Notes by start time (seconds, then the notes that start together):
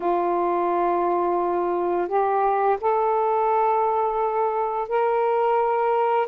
0.00 F4
2.07 G4
2.80 A4
4.88 A#4